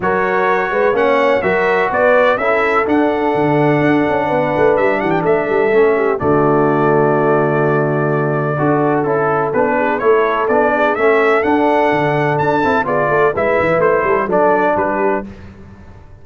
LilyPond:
<<
  \new Staff \with { instrumentName = "trumpet" } { \time 4/4 \tempo 4 = 126 cis''2 fis''4 e''4 | d''4 e''4 fis''2~ | fis''2 e''8 fis''16 g''16 e''4~ | e''4 d''2.~ |
d''2. a'4 | b'4 cis''4 d''4 e''4 | fis''2 a''4 d''4 | e''4 c''4 d''4 b'4 | }
  \new Staff \with { instrumentName = "horn" } { \time 4/4 ais'4. b'8 cis''4 ais'4 | b'4 a'2.~ | a'4 b'4. g'8 a'4~ | a'8 g'8 fis'2.~ |
fis'2 a'2~ | a'8 gis'8 a'4. gis'8 a'4~ | a'2. gis'8 a'8 | b'4. a'16 g'16 a'4 g'4 | }
  \new Staff \with { instrumentName = "trombone" } { \time 4/4 fis'2 cis'4 fis'4~ | fis'4 e'4 d'2~ | d'1 | cis'4 a2.~ |
a2 fis'4 e'4 | d'4 e'4 d'4 cis'4 | d'2~ d'8 e'8 f'4 | e'2 d'2 | }
  \new Staff \with { instrumentName = "tuba" } { \time 4/4 fis4. gis8 ais4 fis4 | b4 cis'4 d'4 d4 | d'8 cis'8 b8 a8 g8 e8 a8 g8 | a4 d2.~ |
d2 d'4 cis'4 | b4 a4 b4 a4 | d'4 d4 d'8 c'8 b8 a8 | gis8 e8 a8 g8 fis4 g4 | }
>>